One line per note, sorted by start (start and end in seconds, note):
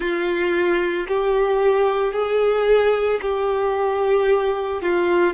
0.00 1.06 F4
1.07 2.12 G4
2.12 3.19 G#4
3.21 4.82 G4
4.82 5.33 F4